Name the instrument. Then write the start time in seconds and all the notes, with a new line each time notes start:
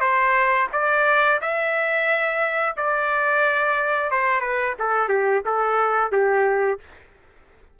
trumpet
0.00 C5
0.72 D5
1.41 E5
2.76 D5
4.11 C5
4.41 B4
4.79 A4
5.08 G4
5.45 A4
6.12 G4